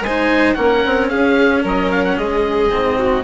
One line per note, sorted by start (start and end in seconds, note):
0.00 0.54 G#3
0.00 0.56 C5
0.00 0.54 G#5
0.07 0.55 D#4
0.54 0.84 A#3
0.54 2.69 C#4
0.54 1.10 A#4
0.54 1.07 F#5
0.85 1.11 C4
1.08 1.64 C#4
1.08 1.62 G#4
1.08 1.62 F5
1.62 2.17 F#3
1.62 2.16 A#4
1.62 1.91 D#5
1.91 2.04 F5
2.04 2.17 F#5
2.17 2.71 G#3
2.17 2.98 G#4
2.17 3.23 D#5
2.70 3.23 G#2
2.70 3.23 C4
2.98 3.23 F#4